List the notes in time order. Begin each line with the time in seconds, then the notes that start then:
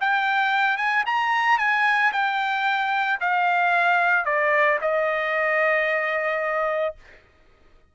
0.00 G5
0.77 G#5
1.05 A#5
1.58 G#5
2.12 G5
3.20 F5
4.25 D5
4.81 D#5